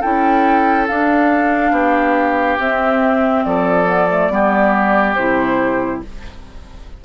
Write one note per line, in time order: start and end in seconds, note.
0.00 0.89 C#4
0.00 0.87 E4
0.00 1.71 A4
0.00 0.87 G5
0.87 2.59 D4
0.87 1.71 D4
0.87 2.59 F5
1.71 2.56 B3
1.71 3.44 G4
2.59 3.44 C4
2.59 3.86 C4
2.59 3.44 E5
3.44 4.29 F3
3.44 4.32 A4
3.44 5.14 D5
3.86 4.07 B3
4.09 4.30 A3
4.29 5.15 G3
4.29 5.16 B3
4.29 6.04 G4
5.14 6.02 C3
5.14 6.04 E4
5.14 6.00 C5